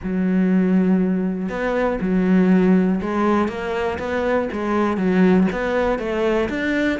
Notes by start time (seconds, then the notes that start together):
0.03 F#3
1.49 B3
2.00 F#3
3.01 G#3
3.48 A#3
3.99 B3
4.52 G#3
4.97 F#3
5.52 B3
5.99 A3
6.49 D4